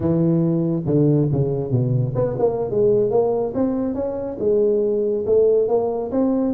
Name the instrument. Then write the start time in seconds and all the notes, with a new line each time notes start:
tuba
0.00 E3
0.86 D3
1.31 C#3
1.71 B2
2.15 B3
2.38 A#3
2.70 G#3
3.10 A#3
3.54 C4
3.94 C#4
4.39 G#3
5.25 A3
5.67 A#3
6.11 C4